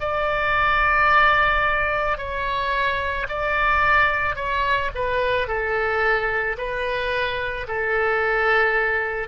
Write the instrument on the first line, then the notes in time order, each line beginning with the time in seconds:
oboe
0.00 D5
2.18 C#5
3.28 D5
4.35 C#5
4.95 B4
5.47 A4
6.58 B4
7.68 A4